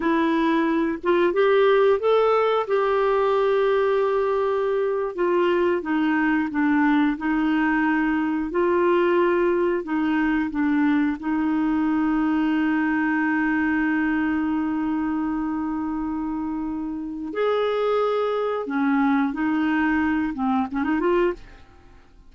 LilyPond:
\new Staff \with { instrumentName = "clarinet" } { \time 4/4 \tempo 4 = 90 e'4. f'8 g'4 a'4 | g'2.~ g'8. f'16~ | f'8. dis'4 d'4 dis'4~ dis'16~ | dis'8. f'2 dis'4 d'16~ |
d'8. dis'2.~ dis'16~ | dis'1~ | dis'2 gis'2 | cis'4 dis'4. c'8 cis'16 dis'16 f'8 | }